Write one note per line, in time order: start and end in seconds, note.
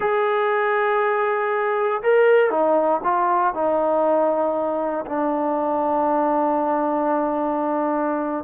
0.00 2.01 G#4
2.02 2.50 A#4
2.50 3.00 D#4
3.03 3.54 F4
3.54 5.05 D#4
5.06 8.44 D4